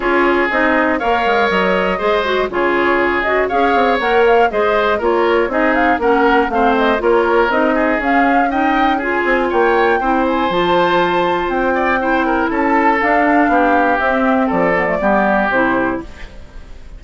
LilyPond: <<
  \new Staff \with { instrumentName = "flute" } { \time 4/4 \tempo 4 = 120 cis''4 dis''4 f''4 dis''4~ | dis''4 cis''4. dis''8 f''4 | fis''8 f''8 dis''4 cis''4 dis''8 f''8 | fis''4 f''8 dis''8 cis''4 dis''4 |
f''4 g''4 gis''4 g''4~ | g''8 gis''8 a''2 g''4~ | g''4 a''4 f''2 | e''4 d''2 c''4 | }
  \new Staff \with { instrumentName = "oboe" } { \time 4/4 gis'2 cis''2 | c''4 gis'2 cis''4~ | cis''4 c''4 ais'4 gis'4 | ais'4 c''4 ais'4. gis'8~ |
gis'4 dis''4 gis'4 cis''4 | c''2.~ c''8 d''8 | c''8 ais'8 a'2 g'4~ | g'4 a'4 g'2 | }
  \new Staff \with { instrumentName = "clarinet" } { \time 4/4 f'4 dis'4 ais'2 | gis'8 fis'8 f'4. fis'8 gis'4 | ais'4 gis'4 f'4 dis'4 | cis'4 c'4 f'4 dis'4 |
cis'4 dis'4 f'2 | e'4 f'2. | e'2 d'2 | c'4. b16 a16 b4 e'4 | }
  \new Staff \with { instrumentName = "bassoon" } { \time 4/4 cis'4 c'4 ais8 gis8 fis4 | gis4 cis2 cis'8 c'8 | ais4 gis4 ais4 c'4 | ais4 a4 ais4 c'4 |
cis'2~ cis'8 c'8 ais4 | c'4 f2 c'4~ | c'4 cis'4 d'4 b4 | c'4 f4 g4 c4 | }
>>